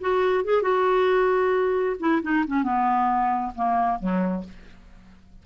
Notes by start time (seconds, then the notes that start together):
0.00 F#4
0.44 G#4
0.62 F#4
1.99 E4
2.22 D#4
2.47 C#4
2.63 B3
3.55 A#3
3.99 F#3